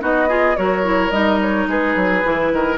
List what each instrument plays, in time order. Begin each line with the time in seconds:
0.00 bassoon B3, clarinet D#4, oboe F#4, flute D#5
0.28 clarinet F4, oboe G#4
0.56 bassoon F#3, clarinet F#4, oboe A#4, flute C#5
0.83 clarinet E4
1.11 bassoon G3, clarinet D#4, flute D#5
1.41 flute C#5
1.67 bassoon G#3, oboe G#4, flute B4
1.96 bassoon F#3
2.23 bassoon E3, clarinet E4
2.53 bassoon D#3, oboe A#4